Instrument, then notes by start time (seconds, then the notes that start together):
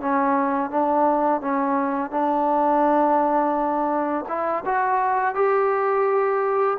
trombone
0.00 C#4
0.70 D4
1.41 C#4
2.10 D4
4.28 E4
4.65 F#4
5.35 G4